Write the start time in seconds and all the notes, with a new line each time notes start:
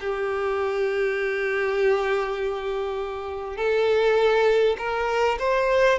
0.00 G4
3.56 A4
4.78 A#4
5.39 C5